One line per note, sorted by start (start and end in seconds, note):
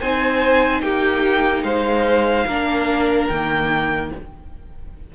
0.00 0.82 C4
0.00 2.49 D#4
0.00 0.82 C5
0.00 0.81 G#5
0.81 1.63 A#3
0.81 1.64 G4
0.81 1.63 G5
1.63 2.45 G#3
1.63 2.46 C5
1.63 3.28 F5
2.47 3.29 A#3
2.47 3.31 D4
2.47 4.11 A#4
3.28 4.11 D#3
3.28 4.15 A#3
3.28 4.10 G5